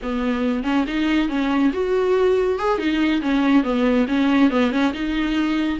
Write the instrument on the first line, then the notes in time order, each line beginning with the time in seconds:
viola
0.02 B3
0.63 C#4
0.87 D#4
1.29 C#4
1.73 F#4
2.58 G#4
2.78 D#4
3.21 C#4
3.63 B3
4.07 C#4
4.50 B3
4.71 C#4
4.93 D#4